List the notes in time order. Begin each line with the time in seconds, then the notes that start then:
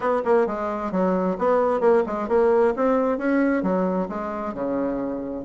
0.00 B3
0.24 A#3
0.46 G#3
0.91 F#3
1.38 B3
1.80 A#3
2.06 G#3
2.28 A#3
2.76 C4
3.18 C#4
3.62 F#3
4.08 G#3
4.54 C#3